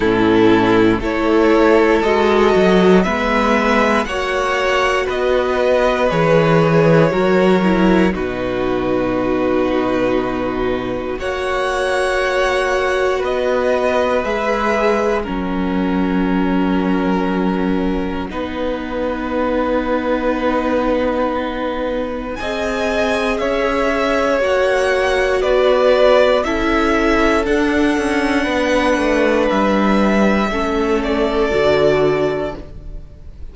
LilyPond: <<
  \new Staff \with { instrumentName = "violin" } { \time 4/4 \tempo 4 = 59 a'4 cis''4 dis''4 e''4 | fis''4 dis''4 cis''2 | b'2. fis''4~ | fis''4 dis''4 e''4 fis''4~ |
fis''1~ | fis''2 gis''4 e''4 | fis''4 d''4 e''4 fis''4~ | fis''4 e''4. d''4. | }
  \new Staff \with { instrumentName = "violin" } { \time 4/4 e'4 a'2 b'4 | cis''4 b'2 ais'4 | fis'2. cis''4~ | cis''4 b'2 ais'4~ |
ais'2 b'2~ | b'2 dis''4 cis''4~ | cis''4 b'4 a'2 | b'2 a'2 | }
  \new Staff \with { instrumentName = "viola" } { \time 4/4 cis'4 e'4 fis'4 b4 | fis'2 gis'4 fis'8 e'8 | dis'2. fis'4~ | fis'2 gis'4 cis'4~ |
cis'2 dis'2~ | dis'2 gis'2 | fis'2 e'4 d'4~ | d'2 cis'4 fis'4 | }
  \new Staff \with { instrumentName = "cello" } { \time 4/4 a,4 a4 gis8 fis8 gis4 | ais4 b4 e4 fis4 | b,2. ais4~ | ais4 b4 gis4 fis4~ |
fis2 b2~ | b2 c'4 cis'4 | ais4 b4 cis'4 d'8 cis'8 | b8 a8 g4 a4 d4 | }
>>